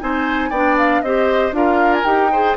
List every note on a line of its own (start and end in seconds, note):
0.00 0.50 C4
0.00 0.51 D#4
0.00 0.50 C5
0.00 0.50 G#5
0.50 1.02 B3
0.50 1.05 D4
0.50 1.01 D5
0.50 0.76 G5
0.78 1.01 F5
1.01 1.51 C4
1.01 1.52 G4
1.01 1.56 C5
1.01 1.53 D#5
1.51 2.03 D4
1.51 2.04 F4
1.51 2.31 A#4
1.51 1.93 F5
1.93 2.04 G#5
2.04 2.55 D#4
2.04 2.30 G4
2.04 2.55 G5
2.31 2.57 G#4
2.31 2.57 C5